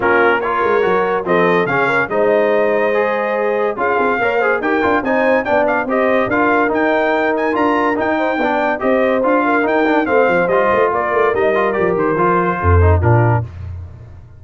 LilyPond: <<
  \new Staff \with { instrumentName = "trumpet" } { \time 4/4 \tempo 4 = 143 ais'4 cis''2 dis''4 | f''4 dis''2.~ | dis''4 f''2 g''4 | gis''4 g''8 f''8 dis''4 f''4 |
g''4. gis''8 ais''4 g''4~ | g''4 dis''4 f''4 g''4 | f''4 dis''4 d''4 dis''4 | d''8 c''2~ c''8 ais'4 | }
  \new Staff \with { instrumentName = "horn" } { \time 4/4 f'4 ais'2 a'4 | gis'8 ais'8 c''2.~ | c''4 gis'4 cis''8 c''8 ais'4 | c''4 d''4 c''4 ais'4~ |
ais'2.~ ais'8 c''8 | d''4 c''4. ais'4. | c''2 ais'2~ | ais'2 a'4 f'4 | }
  \new Staff \with { instrumentName = "trombone" } { \time 4/4 cis'4 f'4 fis'4 c'4 | cis'4 dis'2 gis'4~ | gis'4 f'4 ais'8 gis'8 g'8 f'8 | dis'4 d'4 g'4 f'4 |
dis'2 f'4 dis'4 | d'4 g'4 f'4 dis'8 d'8 | c'4 f'2 dis'8 f'8 | g'4 f'4. dis'8 d'4 | }
  \new Staff \with { instrumentName = "tuba" } { \time 4/4 ais4. gis8 fis4 f4 | cis4 gis2.~ | gis4 cis'8 c'8 ais4 dis'8 d'8 | c'4 b4 c'4 d'4 |
dis'2 d'4 dis'4 | b4 c'4 d'4 dis'4 | a8 f8 g8 a8 ais8 a8 g4 | f8 dis8 f4 f,4 ais,4 | }
>>